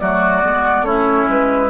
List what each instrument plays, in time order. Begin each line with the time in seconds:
0.00 bassoon F#3, clarinet A3, oboe F#4, flute D5
0.43 bassoon G#3, clarinet B3
0.82 bassoon A3, clarinet C#4, oboe E4, flute C#5
1.29 bassoon G#3, flute B4